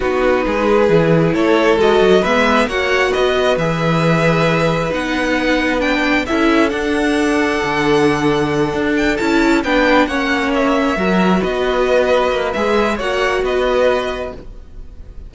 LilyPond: <<
  \new Staff \with { instrumentName = "violin" } { \time 4/4 \tempo 4 = 134 b'2. cis''4 | dis''4 e''4 fis''4 dis''4 | e''2. fis''4~ | fis''4 g''4 e''4 fis''4~ |
fis''1 | g''8 a''4 g''4 fis''4 e''8~ | e''4. dis''2~ dis''8 | e''4 fis''4 dis''2 | }
  \new Staff \with { instrumentName = "violin" } { \time 4/4 fis'4 gis'2 a'4~ | a'4 b'4 cis''4 b'4~ | b'1~ | b'2 a'2~ |
a'1~ | a'4. b'4 cis''4.~ | cis''8 ais'4 b'2~ b'8~ | b'4 cis''4 b'2 | }
  \new Staff \with { instrumentName = "viola" } { \time 4/4 dis'2 e'2 | fis'4 b4 fis'2 | gis'2. dis'4~ | dis'4 d'4 e'4 d'4~ |
d'1~ | d'8 e'4 d'4 cis'4.~ | cis'8 fis'2.~ fis'8 | gis'4 fis'2. | }
  \new Staff \with { instrumentName = "cello" } { \time 4/4 b4 gis4 e4 a4 | gis8 fis8 gis4 ais4 b4 | e2. b4~ | b2 cis'4 d'4~ |
d'4 d2~ d8 d'8~ | d'8 cis'4 b4 ais4.~ | ais8 fis4 b2 ais8 | gis4 ais4 b2 | }
>>